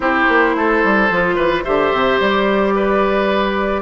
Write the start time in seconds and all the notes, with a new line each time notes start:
0.00 C4 E4 G4 C5
0.28 A#3
0.55 A3 A4
0.84 G3
1.10 F3 F4
1.35 E3 B4
1.64 D3 G4 C5 E5
1.92 C3
2.20 G3 D5
2.75 B4